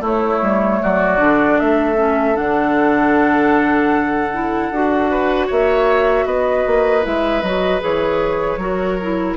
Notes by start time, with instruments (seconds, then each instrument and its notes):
0.00 bassoon A3, clarinet A3, oboe E4
0.06 flute C#5
0.42 bassoon G3
0.82 bassoon F#3, oboe F#4, flute D5
1.18 bassoon D3, clarinet D4
1.59 bassoon A3, oboe A4, flute E5
1.96 clarinet C#4
2.35 bassoon D3, clarinet D4, flute F#5
4.33 clarinet E4
4.71 bassoon D4, clarinet F#4
5.10 oboe B4
5.47 bassoon A#3, oboe C#5, flute E5
6.25 bassoon B3, oboe B4, flute D#5
6.66 bassoon A#3
7.02 bassoon G#3, clarinet E4, flute E5
7.42 bassoon F#3, clarinet F#4, flute D#5
7.80 bassoon E3, clarinet G#4, flute C#5
8.57 bassoon F#3, clarinet F#4, oboe A#4
9.01 clarinet E4